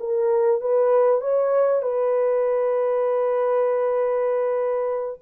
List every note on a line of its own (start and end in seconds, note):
0.00 0.61 A#4
0.61 1.21 B4
1.21 1.83 C#5
1.83 5.19 B4